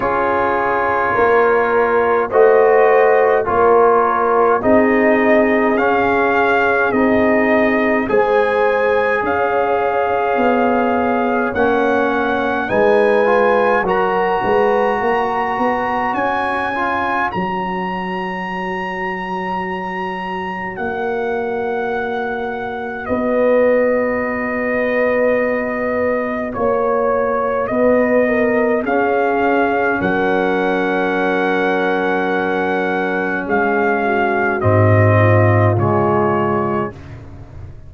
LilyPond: <<
  \new Staff \with { instrumentName = "trumpet" } { \time 4/4 \tempo 4 = 52 cis''2 dis''4 cis''4 | dis''4 f''4 dis''4 gis''4 | f''2 fis''4 gis''4 | ais''2 gis''4 ais''4~ |
ais''2 fis''2 | dis''2. cis''4 | dis''4 f''4 fis''2~ | fis''4 f''4 dis''4 cis''4 | }
  \new Staff \with { instrumentName = "horn" } { \time 4/4 gis'4 ais'4 c''4 ais'4 | gis'2. c''4 | cis''2. b'4 | ais'8 b'8 cis''2.~ |
cis''1 | b'2. cis''4 | b'8 ais'8 gis'4 ais'2~ | ais'4 gis'8 fis'4 f'4. | }
  \new Staff \with { instrumentName = "trombone" } { \time 4/4 f'2 fis'4 f'4 | dis'4 cis'4 dis'4 gis'4~ | gis'2 cis'4 dis'8 f'8 | fis'2~ fis'8 f'8 fis'4~ |
fis'1~ | fis'1~ | fis'4 cis'2.~ | cis'2 c'4 gis4 | }
  \new Staff \with { instrumentName = "tuba" } { \time 4/4 cis'4 ais4 a4 ais4 | c'4 cis'4 c'4 gis4 | cis'4 b4 ais4 gis4 | fis8 gis8 ais8 b8 cis'4 fis4~ |
fis2 ais2 | b2. ais4 | b4 cis'4 fis2~ | fis4 gis4 gis,4 cis4 | }
>>